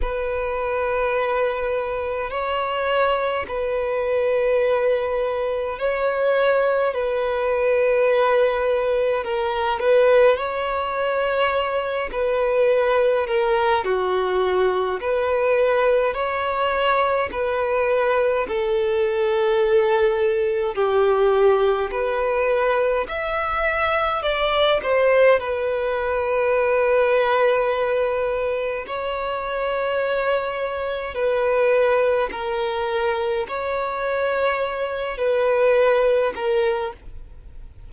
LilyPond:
\new Staff \with { instrumentName = "violin" } { \time 4/4 \tempo 4 = 52 b'2 cis''4 b'4~ | b'4 cis''4 b'2 | ais'8 b'8 cis''4. b'4 ais'8 | fis'4 b'4 cis''4 b'4 |
a'2 g'4 b'4 | e''4 d''8 c''8 b'2~ | b'4 cis''2 b'4 | ais'4 cis''4. b'4 ais'8 | }